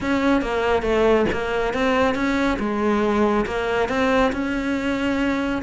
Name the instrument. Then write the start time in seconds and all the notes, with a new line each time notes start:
cello
0.01 C#4
0.41 A#3
0.82 A3
1.32 A#3
1.73 C4
2.14 C#4
2.59 G#3
3.46 A#3
3.88 C4
4.32 C#4